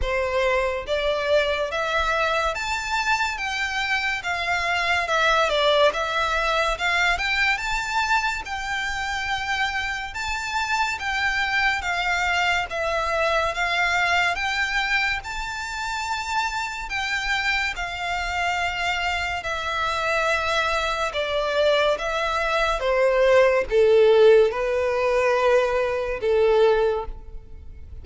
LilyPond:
\new Staff \with { instrumentName = "violin" } { \time 4/4 \tempo 4 = 71 c''4 d''4 e''4 a''4 | g''4 f''4 e''8 d''8 e''4 | f''8 g''8 a''4 g''2 | a''4 g''4 f''4 e''4 |
f''4 g''4 a''2 | g''4 f''2 e''4~ | e''4 d''4 e''4 c''4 | a'4 b'2 a'4 | }